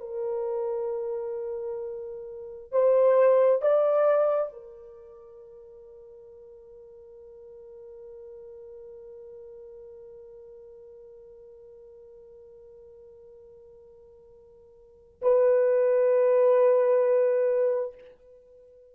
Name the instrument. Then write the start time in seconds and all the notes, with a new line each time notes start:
horn
0.00 A#4
2.72 C5
3.62 D5
4.53 A#4
15.22 B4